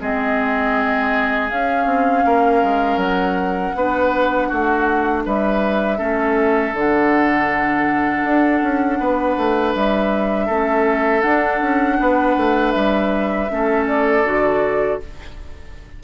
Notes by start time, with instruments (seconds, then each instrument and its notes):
0.00 bassoon G#3, clarinet C4, oboe G#4, flute D#5
1.48 bassoon C#4, clarinet C#4, flute F5
1.86 bassoon C4
2.25 bassoon A#3, oboe A#4
2.63 bassoon G#3
2.96 bassoon F#3, flute F#5
3.75 bassoon B3, clarinet D4, oboe B4
4.48 bassoon A3, oboe F#4
5.25 bassoon G3, oboe B4, flute E5
5.98 bassoon A3, clarinet C#4, oboe A4
6.73 bassoon D3, clarinet D4, flute F#5
8.23 bassoon D4
8.62 bassoon C#4
8.99 bassoon B3, oboe B4
9.37 bassoon A3
9.74 bassoon G3, flute E5
10.46 bassoon A3, clarinet C#4, oboe A4
11.21 clarinet D4, bassoon D4, flute F#5
11.61 bassoon C#4
12.00 bassoon B3, oboe B4
12.36 bassoon A3
12.71 bassoon G3, flute E5
13.50 bassoon A3, clarinet C#4, oboe A4
13.87 flute D5
14.24 bassoon D3, clarinet F#4